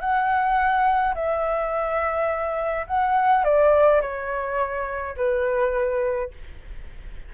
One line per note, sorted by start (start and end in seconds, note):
0.00 1.14 F#5
1.15 2.86 E5
2.87 3.44 F#5
3.44 4.01 D5
4.01 5.16 C#5
5.17 6.31 B4